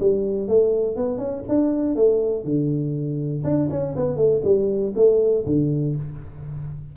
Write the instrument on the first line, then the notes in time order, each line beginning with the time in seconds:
tuba
0.00 G3
0.48 A3
0.96 B3
1.18 C#4
1.48 D4
1.96 A3
2.44 D3
3.44 D4
3.70 C#4
3.96 B3
4.16 A3
4.44 G3
4.95 A3
5.46 D3